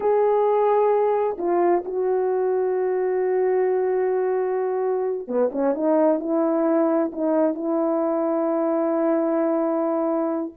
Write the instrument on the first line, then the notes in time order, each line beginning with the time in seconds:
horn
0.00 G#4
1.37 F4
1.84 F#4
5.27 B3
5.51 C#4
5.74 D#4
6.19 E4
7.12 D#4
7.54 E4